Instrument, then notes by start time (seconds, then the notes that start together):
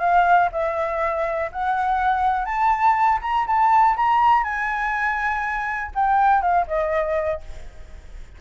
flute
0.00 F5
0.52 E5
1.52 F#5
2.45 A5
3.22 A#5
3.47 A5
3.96 A#5
4.44 G#5
5.95 G5
6.42 F5
6.67 D#5